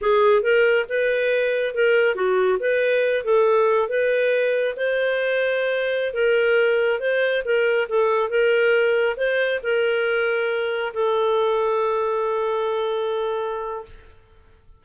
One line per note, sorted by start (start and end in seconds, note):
0.01 0.42 G#4
0.42 0.85 A#4
0.88 1.74 B4
1.74 2.15 A#4
2.15 2.58 F#4
2.59 3.24 B4
3.24 3.88 A4
3.88 4.75 B4
4.76 6.13 C5
6.13 6.99 A#4
6.99 7.43 C5
7.44 7.87 A#4
7.89 8.29 A4
8.29 9.15 A#4
9.16 9.59 C5
9.63 10.92 A#4
10.93 13.85 A4